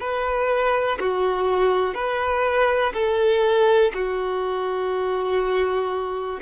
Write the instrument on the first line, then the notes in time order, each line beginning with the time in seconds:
violin
0.00 B4
1.00 F#4
1.94 B4
2.93 A4
3.94 F#4